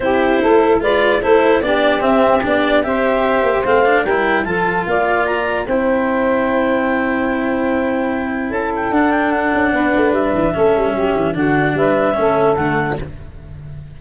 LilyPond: <<
  \new Staff \with { instrumentName = "clarinet" } { \time 4/4 \tempo 4 = 148 c''2 d''4 c''4 | d''4 e''4 d''4 e''4~ | e''4 f''4 g''4 a''4 | f''4 ais''4 g''2~ |
g''1~ | g''4 a''8 g''8 fis''8 g''8 fis''4~ | fis''4 e''2. | fis''4 e''2 fis''4 | }
  \new Staff \with { instrumentName = "saxophone" } { \time 4/4 g'4 a'4 b'4 a'4 | g'2. c''4~ | c''2 ais'4 a'4 | d''2 c''2~ |
c''1~ | c''4 a'2. | b'2 a'4 g'4 | fis'4 b'4 a'2 | }
  \new Staff \with { instrumentName = "cello" } { \time 4/4 e'2 f'4 e'4 | d'4 c'4 d'4 g'4~ | g'4 c'8 d'8 e'4 f'4~ | f'2 e'2~ |
e'1~ | e'2 d'2~ | d'2 cis'2 | d'2 cis'4 a4 | }
  \new Staff \with { instrumentName = "tuba" } { \time 4/4 c'4 a4 gis4 a4 | b4 c'4 b4 c'4~ | c'8 ais8 a4 g4 f4 | ais2 c'2~ |
c'1~ | c'4 cis'4 d'4. cis'8 | b8 a8 g8 e8 a8 g8 fis8 e8 | d4 g4 a4 d4 | }
>>